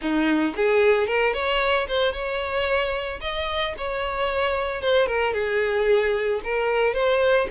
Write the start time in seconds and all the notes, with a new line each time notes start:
0.01 D#4
0.56 G#4
1.07 A#4
1.33 C#5
1.87 C5
2.12 C#5
3.20 D#5
3.77 C#5
4.81 C5
5.06 A#4
5.33 G#4
6.44 A#4
6.94 C5